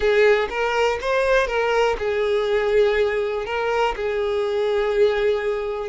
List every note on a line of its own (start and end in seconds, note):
0.00 0.48 G#4
0.49 0.98 A#4
1.01 1.47 C5
1.47 1.96 A#4
1.98 3.45 G#4
3.45 3.94 A#4
3.96 5.89 G#4